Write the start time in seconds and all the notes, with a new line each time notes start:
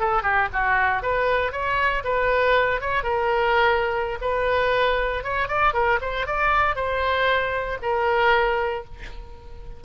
0.00 A4
0.23 G4
0.53 F#4
1.03 B4
1.52 C#5
2.05 B4
2.81 C#5
3.03 A#4
4.21 B4
5.24 C#5
5.49 D5
5.74 A#4
6.02 C5
6.27 D5
6.76 C5
7.82 A#4